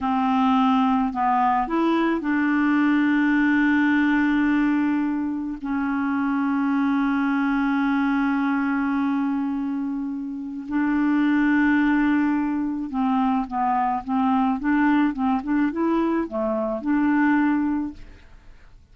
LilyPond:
\new Staff \with { instrumentName = "clarinet" } { \time 4/4 \tempo 4 = 107 c'2 b4 e'4 | d'1~ | d'2 cis'2~ | cis'1~ |
cis'2. d'4~ | d'2. c'4 | b4 c'4 d'4 c'8 d'8 | e'4 a4 d'2 | }